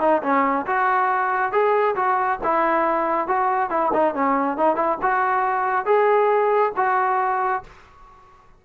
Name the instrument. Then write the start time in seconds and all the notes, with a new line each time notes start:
trombone
0.00 D#4
0.22 C#4
0.66 F#4
1.52 G#4
1.95 F#4
2.43 E4
3.27 F#4
3.70 E4
3.93 D#4
4.14 C#4
4.57 D#4
4.75 E4
5.01 F#4
5.85 G#4
6.76 F#4